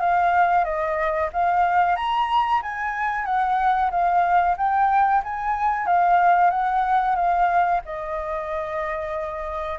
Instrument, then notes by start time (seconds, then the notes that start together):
flute
0.00 F5
0.65 D#5
1.33 F5
1.96 A#5
2.63 G#5
3.25 F#5
3.91 F5
4.57 G5
5.24 G#5
5.86 F5
6.51 F#5
7.16 F5
7.85 D#5